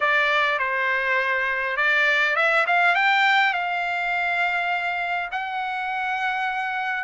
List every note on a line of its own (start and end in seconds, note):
0.00 0.59 D5
0.59 1.76 C5
1.76 2.35 D5
2.36 2.65 E5
2.66 2.95 F5
2.95 3.53 G5
3.53 5.29 F5
5.31 7.03 F#5